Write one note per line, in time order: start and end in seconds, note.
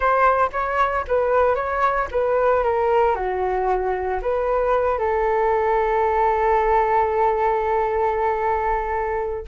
0.00 0.50 C5
0.52 1.05 C#5
1.07 1.55 B4
1.55 2.07 C#5
2.11 2.63 B4
2.63 3.15 A#4
3.15 4.20 F#4
4.22 4.98 B4
4.98 9.45 A4